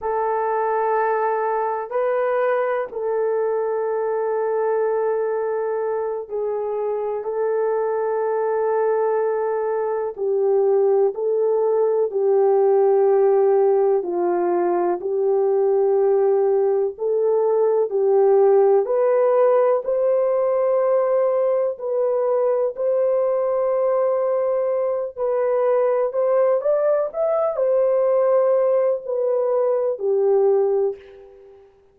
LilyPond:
\new Staff \with { instrumentName = "horn" } { \time 4/4 \tempo 4 = 62 a'2 b'4 a'4~ | a'2~ a'8 gis'4 a'8~ | a'2~ a'8 g'4 a'8~ | a'8 g'2 f'4 g'8~ |
g'4. a'4 g'4 b'8~ | b'8 c''2 b'4 c''8~ | c''2 b'4 c''8 d''8 | e''8 c''4. b'4 g'4 | }